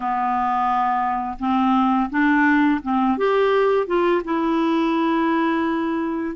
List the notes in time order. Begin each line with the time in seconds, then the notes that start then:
0.00 B3
1.39 C4
2.10 D4
2.82 C4
3.17 G4
3.86 F4
4.24 E4